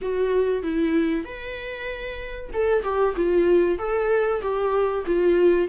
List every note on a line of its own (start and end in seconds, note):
0.01 0.63 F#4
0.63 1.24 E4
1.24 2.51 B4
2.53 2.83 A4
2.83 3.14 G4
3.16 3.78 F4
3.78 4.41 A4
4.41 5.04 G4
5.06 5.68 F4